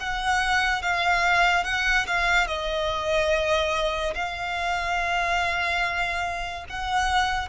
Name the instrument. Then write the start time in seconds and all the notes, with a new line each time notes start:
violin
0.00 F#5
0.82 F5
1.64 F#5
2.07 F5
2.47 D#5
4.15 F5
6.69 F#5